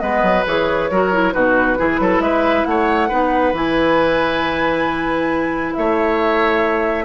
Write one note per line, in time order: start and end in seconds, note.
0.00 0.22 G#3
0.00 0.44 B3
0.00 0.91 B4
0.00 0.44 D#5
0.22 0.44 F#3
0.47 0.91 E3
0.47 0.91 G#4
0.47 1.33 C#5
0.91 1.35 F#3
0.91 1.13 F#4
0.91 1.34 A#4
1.13 1.33 E4
1.33 1.79 B2
1.33 1.77 D#4
1.33 1.78 F#4
1.33 2.21 B4
1.78 2.00 E3
1.78 3.10 E4
1.78 2.01 G#4
2.00 2.20 F#3
2.00 2.23 A4
2.20 2.64 G#3
2.20 2.67 B4
2.20 2.65 E5
2.65 3.11 A3
2.65 3.09 C#5
2.65 3.53 F#5
3.09 3.53 B3
3.09 3.54 D#4
3.09 5.73 B4
3.53 5.74 E3
3.53 7.05 E4
3.53 5.74 G#5
5.74 7.05 A3
5.74 7.05 C#5
5.74 7.05 E5